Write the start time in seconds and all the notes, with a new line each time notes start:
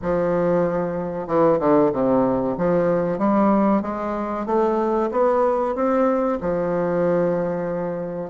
0.02 F3
1.27 E3
1.59 D3
1.92 C3
2.57 F3
3.18 G3
3.82 G#3
4.46 A3
5.11 B3
5.74 C4
6.40 F3